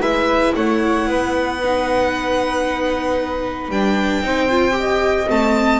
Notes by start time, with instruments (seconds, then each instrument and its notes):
0.00 double bass G#3, viola E4, flute B4, violin E5
0.56 double bass A3, flute C#5, violin F#5
1.07 double bass B3, flute B4
1.63 viola D#4
3.69 double bass G3, viola D4, violin G5
4.22 double bass C4, viola D#4, flute C5
4.51 viola F4
4.72 viola G4
4.79 flute D#5
5.27 double bass A3, viola C4, violin A5